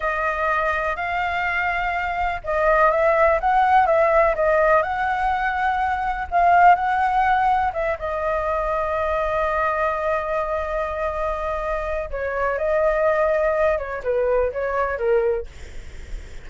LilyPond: \new Staff \with { instrumentName = "flute" } { \time 4/4 \tempo 4 = 124 dis''2 f''2~ | f''4 dis''4 e''4 fis''4 | e''4 dis''4 fis''2~ | fis''4 f''4 fis''2 |
e''8 dis''2.~ dis''8~ | dis''1~ | dis''4 cis''4 dis''2~ | dis''8 cis''8 b'4 cis''4 ais'4 | }